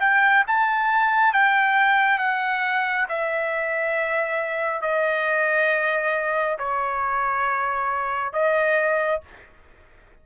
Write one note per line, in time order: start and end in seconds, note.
0.00 0.44 G5
0.47 1.34 A5
1.34 2.19 G5
2.19 3.07 F#5
3.09 4.82 E5
4.82 6.58 D#5
6.59 8.33 C#5
8.33 9.21 D#5